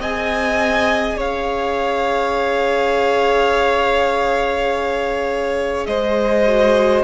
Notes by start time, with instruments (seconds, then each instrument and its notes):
0.00 cello C4, viola G#4, violin D#5 G#5
1.17 cello C#4, violin C#5 F5
5.86 cello G#3, violin C5 D#5
6.47 viola F#4